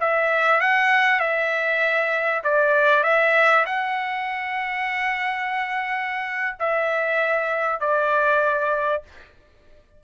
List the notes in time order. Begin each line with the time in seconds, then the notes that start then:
0.00 E5
0.60 F#5
1.20 E5
2.43 D5
3.03 E5
3.65 F#5
6.59 E5
7.80 D5